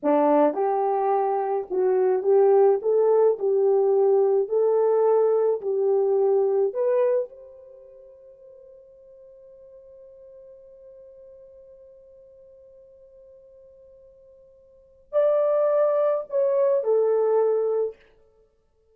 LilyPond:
\new Staff \with { instrumentName = "horn" } { \time 4/4 \tempo 4 = 107 d'4 g'2 fis'4 | g'4 a'4 g'2 | a'2 g'2 | b'4 c''2.~ |
c''1~ | c''1~ | c''2. d''4~ | d''4 cis''4 a'2 | }